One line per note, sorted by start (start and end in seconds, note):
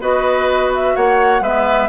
0.00 0.95 B3
0.00 1.42 F#4
0.00 0.95 B4
0.00 0.72 D#5
0.74 0.96 E5
0.95 1.40 A#3
0.95 1.42 C#5
0.95 1.43 F#5
1.40 1.88 G#3
1.40 1.89 B3
1.40 1.89 B4
1.40 1.89 E5